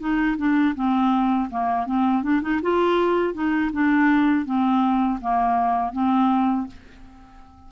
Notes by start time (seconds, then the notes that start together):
0.00 D#4
0.38 D4
0.76 C4
1.50 A#3
1.87 C4
2.23 D4
2.42 D#4
2.62 F4
3.34 D#4
3.73 D4
4.45 C4
5.21 A#3
5.93 C4